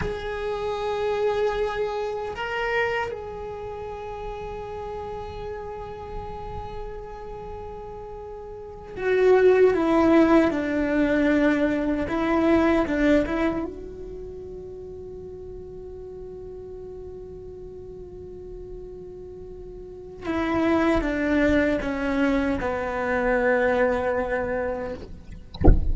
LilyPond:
\new Staff \with { instrumentName = "cello" } { \time 4/4 \tempo 4 = 77 gis'2. ais'4 | gis'1~ | gis'2.~ gis'8 fis'8~ | fis'8 e'4 d'2 e'8~ |
e'8 d'8 e'8 fis'2~ fis'8~ | fis'1~ | fis'2 e'4 d'4 | cis'4 b2. | }